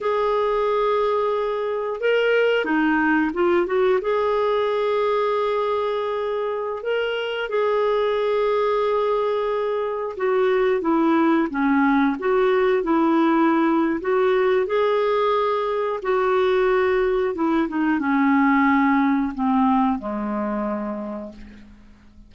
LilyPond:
\new Staff \with { instrumentName = "clarinet" } { \time 4/4 \tempo 4 = 90 gis'2. ais'4 | dis'4 f'8 fis'8 gis'2~ | gis'2~ gis'16 ais'4 gis'8.~ | gis'2.~ gis'16 fis'8.~ |
fis'16 e'4 cis'4 fis'4 e'8.~ | e'4 fis'4 gis'2 | fis'2 e'8 dis'8 cis'4~ | cis'4 c'4 gis2 | }